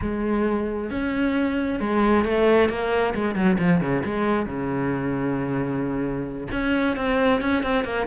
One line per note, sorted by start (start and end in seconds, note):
0.01 0.90 G#3
0.90 1.80 C#4
1.80 2.24 G#3
2.24 2.69 A3
2.69 3.13 A#3
3.14 3.35 G#3
3.35 3.57 F#3
3.58 3.80 F3
3.80 4.03 C#3
4.04 4.46 G#3
4.46 6.47 C#3
6.51 6.96 C#4
6.96 7.41 C4
7.41 7.62 C#4
7.62 7.84 C4
7.84 8.06 A#3